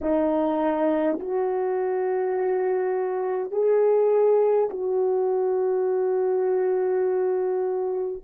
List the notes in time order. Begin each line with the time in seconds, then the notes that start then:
0.01 D#4
1.19 F#4
3.51 G#4
4.70 F#4